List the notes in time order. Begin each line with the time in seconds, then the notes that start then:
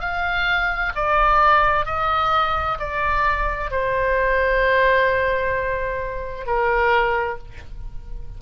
0.00 F5
0.95 D5
1.85 D#5
2.79 D5
3.71 C5
6.46 A#4